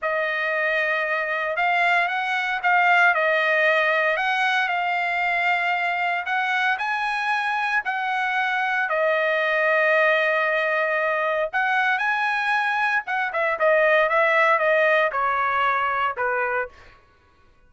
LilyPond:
\new Staff \with { instrumentName = "trumpet" } { \time 4/4 \tempo 4 = 115 dis''2. f''4 | fis''4 f''4 dis''2 | fis''4 f''2. | fis''4 gis''2 fis''4~ |
fis''4 dis''2.~ | dis''2 fis''4 gis''4~ | gis''4 fis''8 e''8 dis''4 e''4 | dis''4 cis''2 b'4 | }